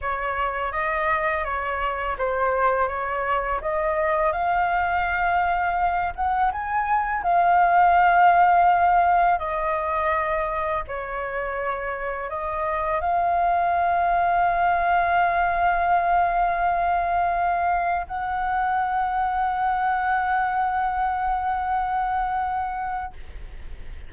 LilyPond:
\new Staff \with { instrumentName = "flute" } { \time 4/4 \tempo 4 = 83 cis''4 dis''4 cis''4 c''4 | cis''4 dis''4 f''2~ | f''8 fis''8 gis''4 f''2~ | f''4 dis''2 cis''4~ |
cis''4 dis''4 f''2~ | f''1~ | f''4 fis''2.~ | fis''1 | }